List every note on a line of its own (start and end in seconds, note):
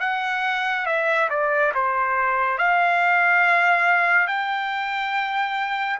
0.00 0.86 F#5
0.86 1.29 E5
1.29 1.72 D5
1.74 2.58 C5
2.58 4.27 F5
4.27 5.98 G5